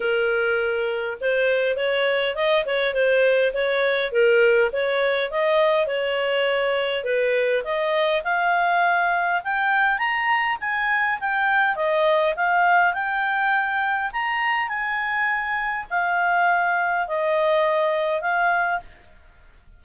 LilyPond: \new Staff \with { instrumentName = "clarinet" } { \time 4/4 \tempo 4 = 102 ais'2 c''4 cis''4 | dis''8 cis''8 c''4 cis''4 ais'4 | cis''4 dis''4 cis''2 | b'4 dis''4 f''2 |
g''4 ais''4 gis''4 g''4 | dis''4 f''4 g''2 | ais''4 gis''2 f''4~ | f''4 dis''2 f''4 | }